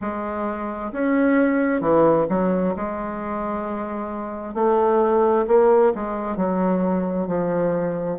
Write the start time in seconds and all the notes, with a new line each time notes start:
0.01 G#3
0.92 C#4
1.80 E3
2.29 F#3
2.76 G#3
4.54 A3
5.47 A#3
5.94 G#3
6.36 F#3
7.27 F3